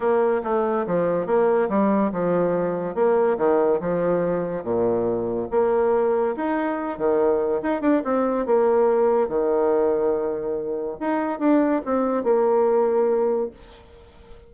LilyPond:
\new Staff \with { instrumentName = "bassoon" } { \time 4/4 \tempo 4 = 142 ais4 a4 f4 ais4 | g4 f2 ais4 | dis4 f2 ais,4~ | ais,4 ais2 dis'4~ |
dis'8 dis4. dis'8 d'8 c'4 | ais2 dis2~ | dis2 dis'4 d'4 | c'4 ais2. | }